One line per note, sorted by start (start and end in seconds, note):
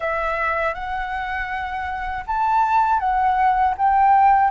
0.00 0.74 E5
0.74 2.24 F#5
2.27 2.99 A5
2.99 3.74 F#5
3.77 4.50 G5